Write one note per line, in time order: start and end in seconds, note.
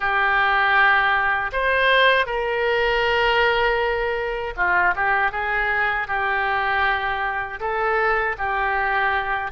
0.00 1.51 G4
1.52 2.26 C5
2.26 4.54 A#4
4.56 4.94 F4
4.95 5.31 G4
5.31 6.07 G#4
6.07 7.59 G4
7.59 8.35 A4
8.38 9.51 G4